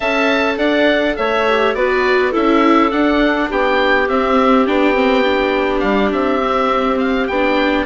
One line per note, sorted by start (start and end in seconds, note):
0.00 0.58 C#4
0.00 1.46 A4
0.00 0.54 E5
0.00 0.58 A5
0.58 1.16 D4
0.58 1.16 D5
0.58 1.16 F#5
1.16 1.75 A3
1.16 1.76 C#5
1.16 1.74 E5
1.47 1.75 G4
1.74 2.33 B3
1.74 2.32 F#4
1.74 2.31 B4
1.74 2.32 D5
2.31 2.92 C#4
2.31 2.90 E4
2.31 3.47 A4
2.31 2.91 E5
2.90 4.07 D4
2.90 3.50 D4
2.90 3.49 F#5
3.48 4.08 B3
3.48 7.85 G4
3.48 4.08 G5
4.08 4.66 C4
4.08 4.67 C4
4.08 4.67 E5
4.66 5.83 B3
4.66 4.93 D4
4.66 5.80 G5
4.93 5.22 C4
5.23 6.40 D4
5.80 6.11 G3
5.80 6.09 F5
6.11 7.28 C4
6.11 6.98 E5
6.42 7.29 C4
6.98 7.27 F5
7.27 7.85 B3
7.27 7.85 D4
7.27 7.85 G5